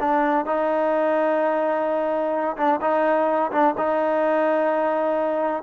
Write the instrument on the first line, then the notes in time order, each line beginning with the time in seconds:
trombone
0.00 D4
0.45 D#4
2.57 D4
2.81 D#4
3.52 D4
3.77 D#4